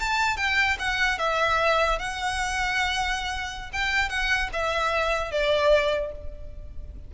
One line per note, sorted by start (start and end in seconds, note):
0.00 0.37 A5
0.37 0.78 G5
0.79 1.19 F#5
1.19 1.99 E5
1.99 3.70 F#5
3.73 4.09 G5
4.09 4.50 F#5
4.53 5.32 E5
5.32 6.12 D5